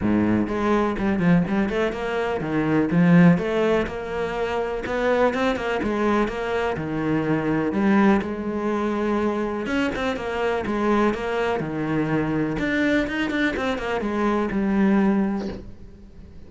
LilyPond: \new Staff \with { instrumentName = "cello" } { \time 4/4 \tempo 4 = 124 gis,4 gis4 g8 f8 g8 a8 | ais4 dis4 f4 a4 | ais2 b4 c'8 ais8 | gis4 ais4 dis2 |
g4 gis2. | cis'8 c'8 ais4 gis4 ais4 | dis2 d'4 dis'8 d'8 | c'8 ais8 gis4 g2 | }